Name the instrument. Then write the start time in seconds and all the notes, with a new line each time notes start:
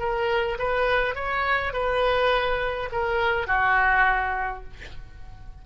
oboe
0.00 A#4
0.59 B4
1.16 C#5
1.73 B4
2.92 A#4
3.48 F#4